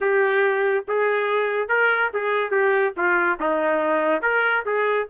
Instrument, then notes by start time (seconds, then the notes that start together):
trumpet
0.00 G4
0.88 G#4
1.68 A#4
2.13 G#4
2.50 G4
2.96 F4
3.39 D#4
4.21 A#4
4.65 G#4